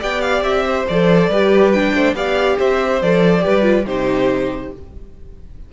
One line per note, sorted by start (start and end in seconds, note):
0.00 0.42 B3
0.00 0.87 G4
0.00 0.64 D5
0.00 0.21 G5
0.21 0.43 F5
0.42 0.85 C4
0.42 0.86 E5
0.66 1.30 C5
0.88 1.29 F3
0.88 1.32 A4
0.88 1.72 D5
1.29 1.93 G3
1.29 1.75 G4
1.29 1.94 B4
1.72 2.16 D4
1.72 2.15 G5
1.94 2.14 A3
1.94 2.15 C5
2.14 2.57 B3
2.14 3.01 G4
2.14 2.58 D5
2.14 2.59 F5
2.58 3.02 C4
2.58 3.44 C5
2.58 3.02 E5
3.02 3.45 F3
3.02 3.41 A4
3.02 3.87 D5
3.41 3.62 G4
3.41 3.86 B4
3.47 3.86 G3
3.62 3.84 F4
3.86 4.72 C3
3.86 4.73 D#4
3.86 4.72 G4
3.86 4.73 C5